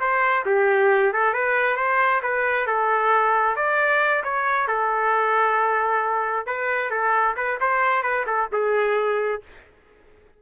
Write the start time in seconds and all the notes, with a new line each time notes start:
0.00 C5
0.46 G4
1.13 A4
1.34 B4
1.76 C5
2.23 B4
2.67 A4
3.56 D5
4.24 C#5
4.68 A4
6.46 B4
6.90 A4
7.37 B4
7.60 C5
8.03 B4
8.26 A4
8.53 G#4